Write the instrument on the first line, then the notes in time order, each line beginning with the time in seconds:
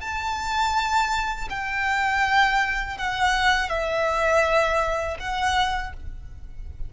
violin
0.00 A5
1.49 G5
2.98 F#5
3.69 E5
5.19 F#5